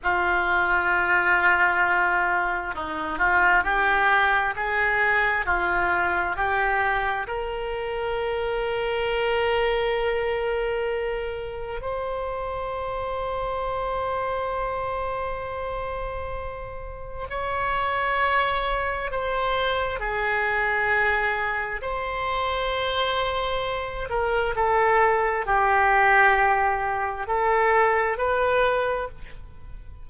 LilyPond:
\new Staff \with { instrumentName = "oboe" } { \time 4/4 \tempo 4 = 66 f'2. dis'8 f'8 | g'4 gis'4 f'4 g'4 | ais'1~ | ais'4 c''2.~ |
c''2. cis''4~ | cis''4 c''4 gis'2 | c''2~ c''8 ais'8 a'4 | g'2 a'4 b'4 | }